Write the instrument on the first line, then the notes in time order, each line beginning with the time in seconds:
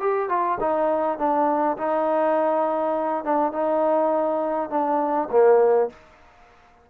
trombone
0.00 G4
0.29 F4
0.60 D#4
1.18 D4
1.78 D#4
3.24 D4
3.53 D#4
4.70 D4
5.31 A#3